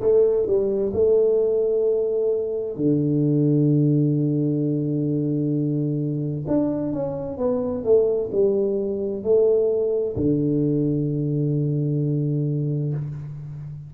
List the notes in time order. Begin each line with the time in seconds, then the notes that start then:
0.00 A3
0.46 G3
0.93 A3
2.76 D3
6.47 D4
6.92 C#4
7.37 B3
7.84 A3
8.32 G3
9.23 A3
10.16 D3